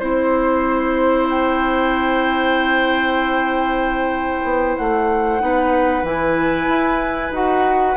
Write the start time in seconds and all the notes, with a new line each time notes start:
0.00 C4 E4 C5
1.30 G5
4.44 B3
4.77 A3 F#5
5.40 B3 D#4 B4
6.03 E3 E4 G#5
6.69 E4
7.31 D#4 F#4 F#5